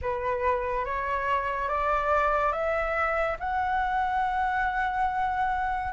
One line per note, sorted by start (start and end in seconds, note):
0.01 0.85 B4
0.85 1.68 C#5
1.68 2.52 D5
2.52 3.36 E5
3.39 5.92 F#5